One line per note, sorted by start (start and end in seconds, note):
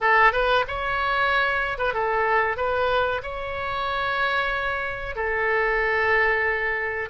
0.00 0.32 A4
0.32 0.65 B4
0.67 1.78 C#5
1.78 1.93 B4
1.93 2.57 A4
2.57 3.21 B4
3.22 5.15 C#5
5.15 7.09 A4